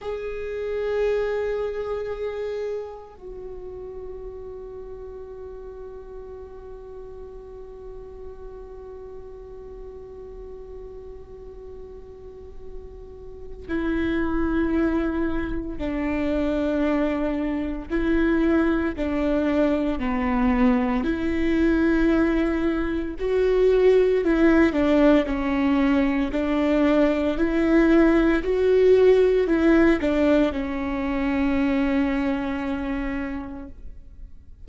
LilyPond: \new Staff \with { instrumentName = "viola" } { \time 4/4 \tempo 4 = 57 gis'2. fis'4~ | fis'1~ | fis'1~ | fis'4 e'2 d'4~ |
d'4 e'4 d'4 b4 | e'2 fis'4 e'8 d'8 | cis'4 d'4 e'4 fis'4 | e'8 d'8 cis'2. | }